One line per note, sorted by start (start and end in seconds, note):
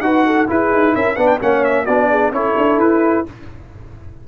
0.00 0.46 D#4
0.00 0.47 F#4
0.00 0.26 B4
0.00 0.46 F#5
0.26 0.49 A4
0.47 1.16 E4
0.47 0.71 E4
0.47 0.94 G#4
0.47 0.95 B4
0.71 0.94 D#4
0.94 1.17 C#4
0.94 1.15 A#4
0.94 1.16 E5
1.15 1.40 B3
1.15 1.40 D4
1.15 1.39 B4
1.15 1.27 F#5
1.27 1.38 G5
1.41 1.87 A#3
1.41 1.87 C#4
1.41 1.84 C#5
1.41 1.64 F#5
1.64 1.85 E5
1.84 2.31 B3
1.84 2.33 D4
1.84 2.07 F#4
1.84 2.31 D5
2.10 2.33 G#4
2.31 2.54 C#4
2.31 3.26 E4
2.31 3.27 A4
2.31 2.79 C#5
2.57 2.78 D4
2.78 3.24 E4
2.78 3.25 B4